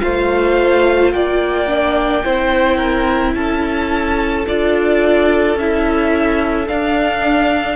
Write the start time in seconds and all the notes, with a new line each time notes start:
0.00 A3 F4 C5 F5
1.12 A#3 D5 G5
1.67 D4
2.24 C4 E4 C5
2.77 A#4
3.34 C#4 A4 A5
4.47 D4 F4 D5
5.55 C#4 E4 E5
6.67 D4 F5